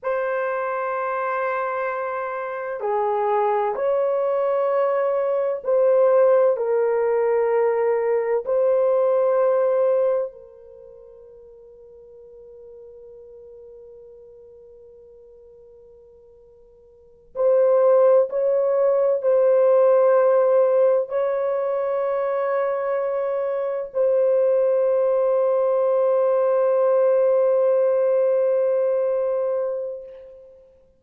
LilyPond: \new Staff \with { instrumentName = "horn" } { \time 4/4 \tempo 4 = 64 c''2. gis'4 | cis''2 c''4 ais'4~ | ais'4 c''2 ais'4~ | ais'1~ |
ais'2~ ais'8 c''4 cis''8~ | cis''8 c''2 cis''4.~ | cis''4. c''2~ c''8~ | c''1 | }